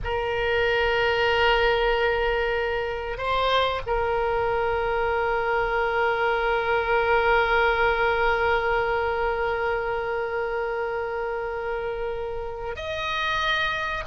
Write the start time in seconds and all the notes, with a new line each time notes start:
0.04 A#4
3.17 C5
3.86 A#4
12.75 D#5